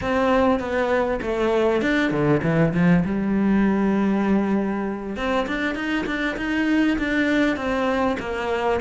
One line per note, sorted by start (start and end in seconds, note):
0.01 0.59 C4
0.59 1.20 B3
1.21 1.81 A3
1.81 2.10 D4
2.10 2.41 D3
2.42 2.73 E3
2.73 3.03 F3
3.05 5.16 G3
5.16 5.46 C4
5.47 5.75 D4
5.75 6.05 D#4
6.06 6.36 D4
6.36 6.97 D#4
6.98 7.56 D4
7.56 8.17 C4
8.19 8.80 A#3